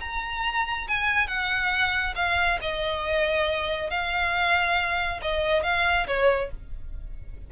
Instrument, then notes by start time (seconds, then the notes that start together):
violin
0.00 A#5
0.88 G#5
1.27 F#5
2.15 F5
2.61 D#5
3.90 F5
5.22 D#5
5.63 F5
6.07 C#5